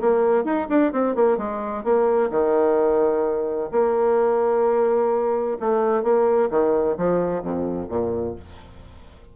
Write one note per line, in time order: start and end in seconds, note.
0.00 0.44 A#3
0.44 0.67 D#4
0.69 0.92 D4
0.92 1.15 C4
1.15 1.37 A#3
1.37 1.84 G#3
1.84 2.30 A#3
2.31 3.70 D#3
3.71 5.58 A#3
5.60 6.03 A3
6.03 6.49 A#3
6.50 6.97 D#3
6.97 7.42 F3
7.42 7.89 F2
7.89 8.35 A#2